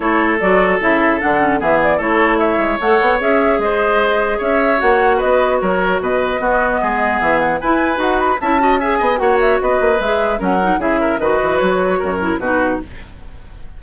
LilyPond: <<
  \new Staff \with { instrumentName = "flute" } { \time 4/4 \tempo 4 = 150 cis''4 d''4 e''4 fis''4 | e''8 d''8 cis''4 e''4 fis''4 | e''4 dis''2 e''4 | fis''4 dis''4 cis''4 dis''4~ |
dis''2 e''8 fis''8 gis''4 | fis''8 b''8 a''4 gis''4 fis''8 e''8 | dis''4 e''4 fis''4 e''4 | dis''4 cis''2 b'4 | }
  \new Staff \with { instrumentName = "oboe" } { \time 4/4 a'1 | gis'4 a'4 cis''2~ | cis''4 c''2 cis''4~ | cis''4 b'4 ais'4 b'4 |
fis'4 gis'2 b'4~ | b'4 e''8 dis''8 e''8 dis''8 cis''4 | b'2 ais'4 gis'8 ais'8 | b'2 ais'4 fis'4 | }
  \new Staff \with { instrumentName = "clarinet" } { \time 4/4 e'4 fis'4 e'4 d'8 cis'8 | b4 e'2 a'4 | gis'1 | fis'1 |
b2. e'4 | fis'4 e'8 fis'8 gis'4 fis'4~ | fis'4 gis'4 cis'8 dis'8 e'4 | fis'2~ fis'8 e'8 dis'4 | }
  \new Staff \with { instrumentName = "bassoon" } { \time 4/4 a4 fis4 cis4 d4 | e4 a4. gis8 a8 b8 | cis'4 gis2 cis'4 | ais4 b4 fis4 b,4 |
b4 gis4 e4 e'4 | dis'4 cis'4. b8 ais4 | b8 ais8 gis4 fis4 cis4 | dis8 e8 fis4 fis,4 b,4 | }
>>